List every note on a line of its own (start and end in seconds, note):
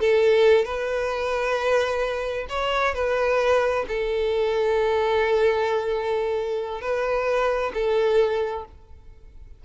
0.00 0.65 A4
0.65 2.47 B4
2.49 2.94 C#5
2.94 3.85 B4
3.88 6.81 A4
6.81 7.72 B4
7.74 8.65 A4